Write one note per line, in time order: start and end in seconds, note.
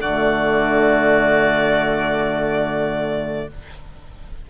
0.00 3.47 D3
0.00 3.49 A3
0.00 3.48 F#4
0.00 3.48 D5